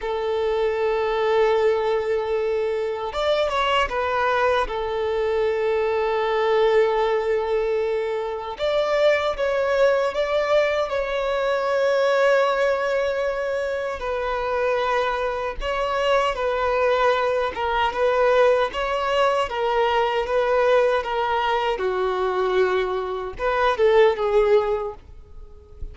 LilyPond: \new Staff \with { instrumentName = "violin" } { \time 4/4 \tempo 4 = 77 a'1 | d''8 cis''8 b'4 a'2~ | a'2. d''4 | cis''4 d''4 cis''2~ |
cis''2 b'2 | cis''4 b'4. ais'8 b'4 | cis''4 ais'4 b'4 ais'4 | fis'2 b'8 a'8 gis'4 | }